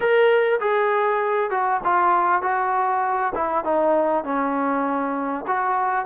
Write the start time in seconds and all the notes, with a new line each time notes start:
0.00 A#4
0.60 G#4
1.50 F#4
1.83 F4
2.42 F#4
3.34 E4
3.64 D#4
4.24 C#4
5.47 F#4